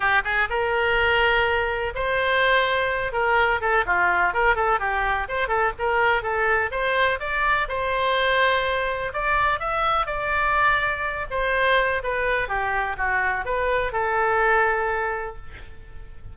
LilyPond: \new Staff \with { instrumentName = "oboe" } { \time 4/4 \tempo 4 = 125 g'8 gis'8 ais'2. | c''2~ c''8 ais'4 a'8 | f'4 ais'8 a'8 g'4 c''8 a'8 | ais'4 a'4 c''4 d''4 |
c''2. d''4 | e''4 d''2~ d''8 c''8~ | c''4 b'4 g'4 fis'4 | b'4 a'2. | }